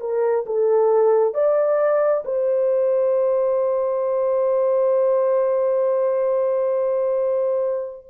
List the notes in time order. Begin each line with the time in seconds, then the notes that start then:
0.00 A#4
0.46 A4
1.34 D5
2.25 C5